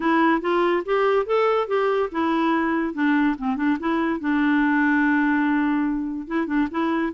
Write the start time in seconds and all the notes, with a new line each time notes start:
0.00 E4
0.41 F4
0.85 G4
1.26 A4
1.67 G4
2.11 E4
2.94 D4
3.38 C4
3.56 D4
3.79 E4
4.20 D4
6.27 E4
6.47 D4
6.70 E4